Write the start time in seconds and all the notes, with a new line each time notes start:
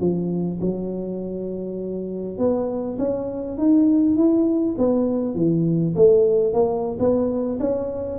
0.00 F3
0.60 F#3
2.38 B3
2.98 C#4
3.58 D#4
4.16 E4
4.78 B3
5.35 E3
5.95 A3
6.53 A#3
6.99 B3
7.60 C#4